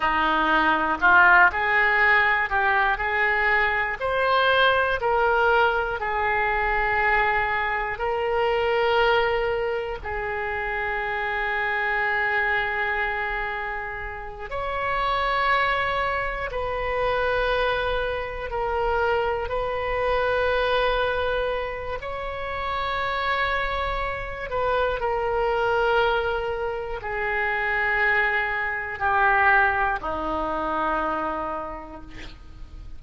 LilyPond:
\new Staff \with { instrumentName = "oboe" } { \time 4/4 \tempo 4 = 60 dis'4 f'8 gis'4 g'8 gis'4 | c''4 ais'4 gis'2 | ais'2 gis'2~ | gis'2~ gis'8 cis''4.~ |
cis''8 b'2 ais'4 b'8~ | b'2 cis''2~ | cis''8 b'8 ais'2 gis'4~ | gis'4 g'4 dis'2 | }